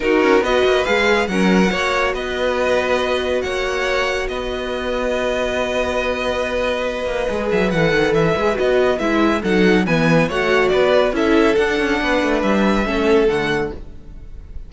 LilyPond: <<
  \new Staff \with { instrumentName = "violin" } { \time 4/4 \tempo 4 = 140 ais'4 dis''4 f''4 fis''4~ | fis''4 dis''2. | fis''2 dis''2~ | dis''1~ |
dis''4. e''8 fis''4 e''4 | dis''4 e''4 fis''4 gis''4 | fis''4 d''4 e''4 fis''4~ | fis''4 e''2 fis''4 | }
  \new Staff \with { instrumentName = "violin" } { \time 4/4 fis'4 b'2 ais'4 | cis''4 b'2. | cis''2 b'2~ | b'1~ |
b'1~ | b'2 a'4 b'4 | cis''4 b'4 a'2 | b'2 a'2 | }
  \new Staff \with { instrumentName = "viola" } { \time 4/4 dis'4 fis'4 gis'4 cis'4 | fis'1~ | fis'1~ | fis'1~ |
fis'4 gis'4 a'4. gis'8 | fis'4 e'4 dis'4 b4 | fis'2 e'4 d'4~ | d'2 cis'4 a4 | }
  \new Staff \with { instrumentName = "cello" } { \time 4/4 dis'8 cis'8 b8 ais8 gis4 fis4 | ais4 b2. | ais2 b2~ | b1~ |
b8 ais8 gis8 fis8 e8 dis8 e8 gis8 | b4 gis4 fis4 e4 | a4 b4 cis'4 d'8 cis'8 | b8 a8 g4 a4 d4 | }
>>